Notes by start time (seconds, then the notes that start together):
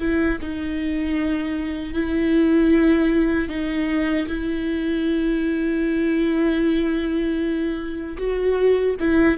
0.00 E4
0.41 D#4
1.94 E4
3.49 D#4
4.28 E4
8.18 F#4
9.00 E4